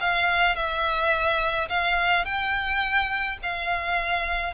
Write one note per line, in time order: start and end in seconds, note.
0.00 0.55 F5
0.55 1.69 E5
1.69 2.25 F5
2.25 3.38 G5
3.42 4.53 F5